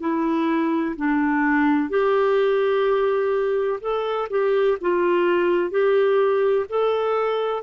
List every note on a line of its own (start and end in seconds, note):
0.00 0.95 E4
0.96 1.89 D4
1.89 3.80 G4
3.81 4.28 A4
4.30 4.77 G4
4.81 5.71 F4
5.71 6.66 G4
6.69 7.63 A4